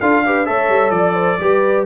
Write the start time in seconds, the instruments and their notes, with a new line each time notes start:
0.00 tuba D4, trombone F4, horn A4, trumpet F5
0.26 trombone G4, horn B4
0.46 tuba A3, trombone A4, horn C#5, trumpet E5
0.69 tuba G3
0.91 tuba F3, trumpet D5, horn D5
1.14 horn C5
1.40 tuba G3, trombone G4, horn B4